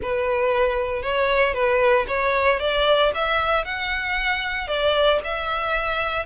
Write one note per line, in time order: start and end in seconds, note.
0.01 1.02 B4
1.02 1.54 C#5
1.54 2.06 B4
2.07 2.59 C#5
2.59 3.12 D5
3.14 3.65 E5
3.65 4.67 F#5
4.67 5.19 D5
5.24 6.25 E5